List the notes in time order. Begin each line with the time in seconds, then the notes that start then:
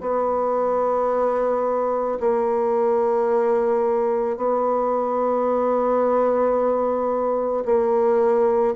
0.00 B3
2.20 A#3
4.37 B3
7.65 A#3